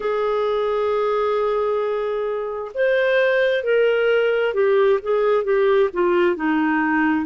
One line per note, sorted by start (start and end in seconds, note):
0.00 2.71 G#4
2.74 3.63 C5
3.63 4.54 A#4
4.54 4.99 G4
5.02 5.43 G#4
5.43 5.89 G4
5.93 6.36 F4
6.36 7.25 D#4